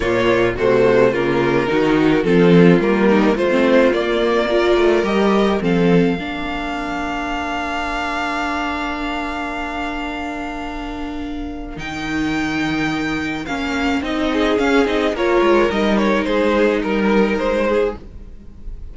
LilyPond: <<
  \new Staff \with { instrumentName = "violin" } { \time 4/4 \tempo 4 = 107 cis''4 c''4 ais'2 | a'4 ais'4 c''4 d''4~ | d''4 dis''4 f''2~ | f''1~ |
f''1~ | f''4 g''2. | f''4 dis''4 f''8 dis''8 cis''4 | dis''8 cis''8 c''4 ais'4 c''4 | }
  \new Staff \with { instrumentName = "violin" } { \time 4/4 f'4 fis'4 f'4 fis'4 | f'4. dis'8 f'2 | ais'2 a'4 ais'4~ | ais'1~ |
ais'1~ | ais'1~ | ais'4. gis'4. ais'4~ | ais'4 gis'4 ais'4. gis'8 | }
  \new Staff \with { instrumentName = "viola" } { \time 4/4 ais4 a4 ais4 dis'4 | c'4 ais4 f'16 c'8. ais4 | f'4 g'4 c'4 d'4~ | d'1~ |
d'1~ | d'4 dis'2. | cis'4 dis'4 cis'8 dis'8 f'4 | dis'1 | }
  \new Staff \with { instrumentName = "cello" } { \time 4/4 ais,4 c4 cis4 dis4 | f4 g4 a4 ais4~ | ais8 a8 g4 f4 ais4~ | ais1~ |
ais1~ | ais4 dis2. | ais4 c'4 cis'8 c'8 ais8 gis8 | g4 gis4 g4 gis4 | }
>>